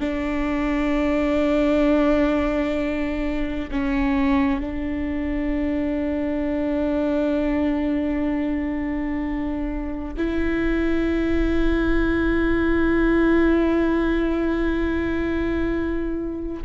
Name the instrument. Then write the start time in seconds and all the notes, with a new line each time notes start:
viola
0.00 D4
3.71 C#4
4.60 D4
10.17 E4